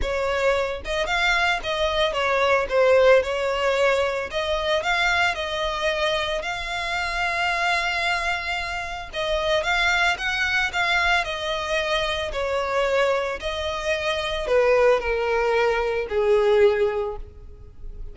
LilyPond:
\new Staff \with { instrumentName = "violin" } { \time 4/4 \tempo 4 = 112 cis''4. dis''8 f''4 dis''4 | cis''4 c''4 cis''2 | dis''4 f''4 dis''2 | f''1~ |
f''4 dis''4 f''4 fis''4 | f''4 dis''2 cis''4~ | cis''4 dis''2 b'4 | ais'2 gis'2 | }